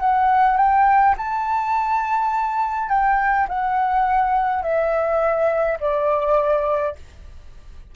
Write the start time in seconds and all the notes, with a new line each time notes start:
0.00 F#5
0.57 G5
1.17 A5
2.90 G5
3.49 F#5
4.63 E5
5.80 D5